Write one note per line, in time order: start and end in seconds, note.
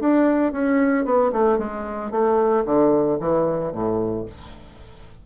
0.00 0.52 D4
0.52 1.05 C#4
1.05 1.31 B3
1.32 1.58 A3
1.58 2.11 G#3
2.11 2.64 A3
2.65 3.18 D3
3.20 3.72 E3
3.72 4.25 A2